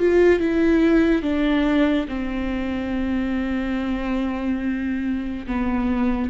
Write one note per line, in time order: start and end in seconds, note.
0.00 0.40 F4
0.40 1.23 E4
1.23 2.07 D4
2.09 5.47 C4
5.47 6.31 B3